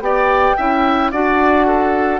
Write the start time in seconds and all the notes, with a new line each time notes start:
0.00 B3 G4 D5 G5
0.57 C#4 E4 E5
1.12 D4 F#4 D5 F#5
1.67 A4